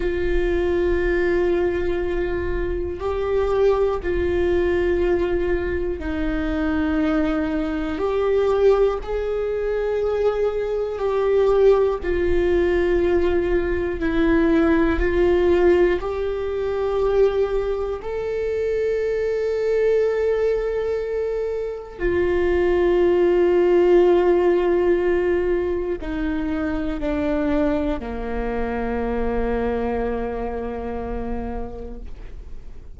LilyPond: \new Staff \with { instrumentName = "viola" } { \time 4/4 \tempo 4 = 60 f'2. g'4 | f'2 dis'2 | g'4 gis'2 g'4 | f'2 e'4 f'4 |
g'2 a'2~ | a'2 f'2~ | f'2 dis'4 d'4 | ais1 | }